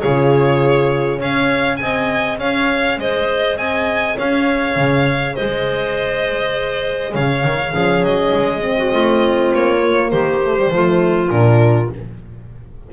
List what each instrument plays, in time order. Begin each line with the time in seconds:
0.00 double bass C#3, horn F4, clarinet G#4, violin C#5
1.18 double bass C#4, horn G#4, clarinet C#5, violin F5
1.77 double bass C4, clarinet D#5, violin G#5
2.39 double bass C#4, clarinet C#5, violin F5
2.98 double bass G#3, clarinet C5, violin D#5
3.56 double bass C4, clarinet D#5, violin G#5
4.17 double bass C#4, clarinet C#5, violin F5
4.76 double bass C#3
5.35 double bass G#3, clarinet C5, violin D#5
7.13 double bass C#3, clarinet C#5, violin F5
7.44 double bass D#3
7.72 double bass F3, horn C#4, clarinet G#4
8.02 double bass F#3, violin D#5
8.34 double bass G#3
8.61 horn C4
8.77 clarinet F#4
8.92 double bass A3, clarinet F4
9.54 double bass A#3, violin C#5
9.83 horn A#3
10.10 double bass D#3, clarinet G4, violin C5
10.43 horn A3
10.58 horn G3
10.70 double bass F3, horn A3, clarinet F4
11.30 double bass A#2, horn D4, violin A#4